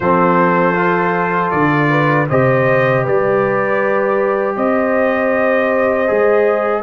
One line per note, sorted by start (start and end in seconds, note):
0.00 1.52 F3
0.00 0.75 C4
0.00 1.89 A4
0.00 1.50 C5
0.75 2.27 F4
1.50 2.28 D3
1.50 2.26 D5
1.89 2.27 B4
2.29 3.06 C3
2.29 6.07 G4
2.29 3.03 C5
2.29 3.06 D#5
3.03 4.56 G3
3.03 4.55 B4
3.03 4.56 D5
4.56 6.08 C4
4.56 6.82 C5
4.56 6.82 D#5
6.07 6.82 G#3
6.07 6.82 G#4